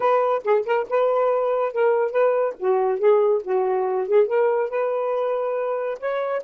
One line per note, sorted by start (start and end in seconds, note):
0.00 0.42 B4
0.44 0.65 G#4
0.65 0.86 A#4
0.89 1.73 B4
1.73 2.11 A#4
2.11 2.54 B4
2.59 2.99 F#4
2.99 3.42 G#4
3.43 4.08 F#4
4.08 4.27 G#4
4.27 4.69 A#4
4.69 5.98 B4
5.99 6.42 C#5